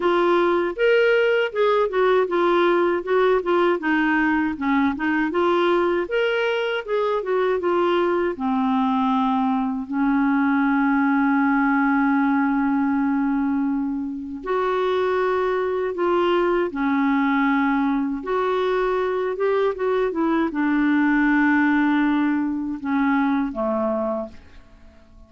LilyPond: \new Staff \with { instrumentName = "clarinet" } { \time 4/4 \tempo 4 = 79 f'4 ais'4 gis'8 fis'8 f'4 | fis'8 f'8 dis'4 cis'8 dis'8 f'4 | ais'4 gis'8 fis'8 f'4 c'4~ | c'4 cis'2.~ |
cis'2. fis'4~ | fis'4 f'4 cis'2 | fis'4. g'8 fis'8 e'8 d'4~ | d'2 cis'4 a4 | }